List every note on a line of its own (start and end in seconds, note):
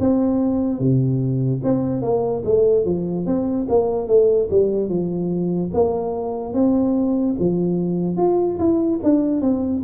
0.00 0.79 C4
0.79 1.61 C3
1.64 2.02 C4
2.02 2.43 A#3
2.45 2.85 A3
2.85 3.26 F3
3.26 3.67 C4
3.69 4.08 A#3
4.08 4.49 A3
4.51 4.89 G3
4.89 5.71 F3
5.73 6.53 A#3
6.53 7.36 C4
7.39 8.17 F3
8.17 8.58 F4
8.59 9.00 E4
9.03 9.41 D4
9.41 9.82 C4